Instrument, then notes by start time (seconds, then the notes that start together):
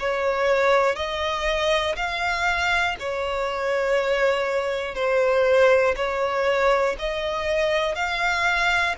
violin
0.00 C#5
0.96 D#5
1.97 F5
3.00 C#5
4.95 C5
5.97 C#5
6.99 D#5
7.95 F5